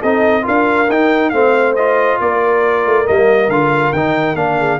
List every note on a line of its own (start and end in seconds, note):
0.00 0.46 C4
0.00 0.42 D#4
0.00 0.43 A4
0.00 0.45 D#5
0.42 0.89 D4
0.42 0.86 F4
0.42 1.32 A#4
0.42 0.90 F5
0.89 1.32 D#4
0.89 1.33 D#4
0.89 1.30 G5
1.30 2.19 A3
1.30 1.77 C4
1.30 2.21 C5
1.30 1.73 F5
1.75 3.06 F4
1.75 2.19 D#5
2.21 2.86 A#3
2.21 4.58 A#4
2.21 3.07 D5
2.86 3.08 A3
3.06 3.48 G3
3.06 3.49 A#3
3.06 3.50 D#5
3.48 3.92 D3
3.48 3.95 F4
3.48 3.93 F5
3.93 4.35 D#3
3.93 4.36 D#4
3.93 4.36 G5
4.35 4.78 A#3
4.35 4.79 D4
4.35 4.79 F5
4.58 4.79 G#4